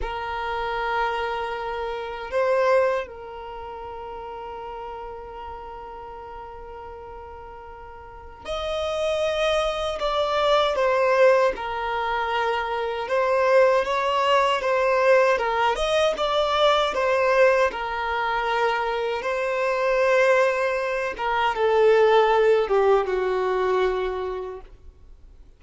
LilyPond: \new Staff \with { instrumentName = "violin" } { \time 4/4 \tempo 4 = 78 ais'2. c''4 | ais'1~ | ais'2. dis''4~ | dis''4 d''4 c''4 ais'4~ |
ais'4 c''4 cis''4 c''4 | ais'8 dis''8 d''4 c''4 ais'4~ | ais'4 c''2~ c''8 ais'8 | a'4. g'8 fis'2 | }